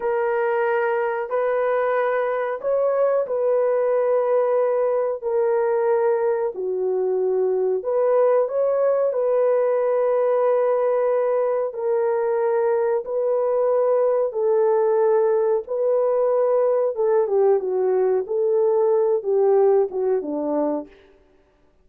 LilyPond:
\new Staff \with { instrumentName = "horn" } { \time 4/4 \tempo 4 = 92 ais'2 b'2 | cis''4 b'2. | ais'2 fis'2 | b'4 cis''4 b'2~ |
b'2 ais'2 | b'2 a'2 | b'2 a'8 g'8 fis'4 | a'4. g'4 fis'8 d'4 | }